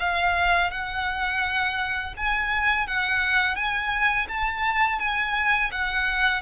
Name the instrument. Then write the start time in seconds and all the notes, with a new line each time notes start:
violin
0.00 F5
0.71 F#5
2.17 G#5
2.88 F#5
3.56 G#5
4.29 A5
5.00 G#5
5.72 F#5